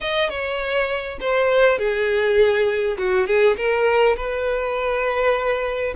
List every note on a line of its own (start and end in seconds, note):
0.01 0.29 D#5
0.29 1.18 C#5
1.20 1.78 C5
1.78 2.97 G#4
2.97 3.26 F#4
3.26 3.56 G#4
3.56 4.16 A#4
4.16 5.94 B4